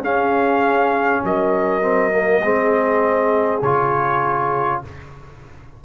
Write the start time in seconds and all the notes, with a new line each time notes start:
0.00 C#4 G#4 F5
1.23 F#3 A#4 D#5
1.81 C4
2.11 A#3
2.42 G#3 C4 G#4
3.61 C#3 F4 C#5